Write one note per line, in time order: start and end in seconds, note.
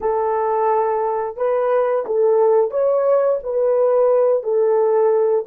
0.00 1.36 A4
1.36 2.05 B4
2.05 2.71 A4
2.71 3.39 C#5
3.43 4.43 B4
4.43 5.45 A4